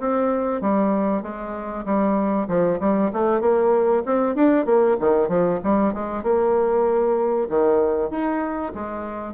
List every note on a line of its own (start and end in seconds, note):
0.00 0.62 C4
0.62 1.23 G3
1.23 1.85 G#3
1.86 2.48 G3
2.48 2.80 F3
2.80 3.11 G3
3.13 3.41 A3
3.41 4.04 A#3
4.06 4.36 C4
4.36 4.66 D4
4.66 4.97 A#3
5.01 5.29 D#3
5.29 5.60 F3
5.64 5.94 G3
5.94 6.23 G#3
6.23 7.48 A#3
7.50 8.11 D#3
8.11 8.73 D#4
8.75 9.34 G#3